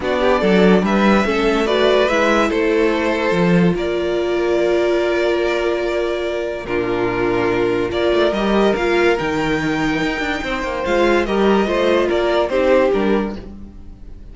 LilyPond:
<<
  \new Staff \with { instrumentName = "violin" } { \time 4/4 \tempo 4 = 144 d''2 e''2 | d''4 e''4 c''2~ | c''4 d''2.~ | d''1 |
ais'2. d''4 | dis''4 f''4 g''2~ | g''2 f''4 dis''4~ | dis''4 d''4 c''4 ais'4 | }
  \new Staff \with { instrumentName = "violin" } { \time 4/4 fis'8 g'8 a'4 b'4 a'4 | b'2 a'2~ | a'4 ais'2.~ | ais'1 |
f'2. ais'4~ | ais'1~ | ais'4 c''2 ais'4 | c''4 ais'4 g'2 | }
  \new Staff \with { instrumentName = "viola" } { \time 4/4 d'2. cis'4 | fis'4 e'2. | f'1~ | f'1 |
d'2. f'4 | g'4 f'4 dis'2~ | dis'2 f'4 g'4 | f'2 dis'4 d'4 | }
  \new Staff \with { instrumentName = "cello" } { \time 4/4 b4 fis4 g4 a4~ | a4 gis4 a2 | f4 ais2.~ | ais1 |
ais,2. ais8 a8 | g4 ais4 dis2 | dis'8 d'8 c'8 ais8 gis4 g4 | a4 ais4 c'4 g4 | }
>>